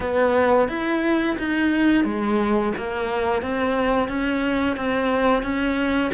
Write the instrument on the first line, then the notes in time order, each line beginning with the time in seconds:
cello
0.00 B3
0.68 E4
1.38 D#4
2.04 G#3
2.77 A#3
3.42 C4
4.08 C#4
4.76 C4
5.42 C#4